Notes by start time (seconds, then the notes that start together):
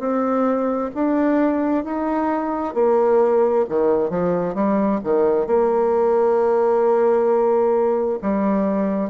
0.00 C4
0.95 D4
1.85 D#4
2.75 A#3
3.69 D#3
4.10 F3
4.55 G3
5.05 D#3
5.47 A#3
8.22 G3